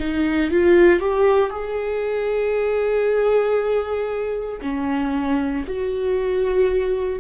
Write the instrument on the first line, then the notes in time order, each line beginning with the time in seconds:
viola
0.00 D#4
0.51 F4
1.00 G4
1.50 G#4
4.61 C#4
5.67 F#4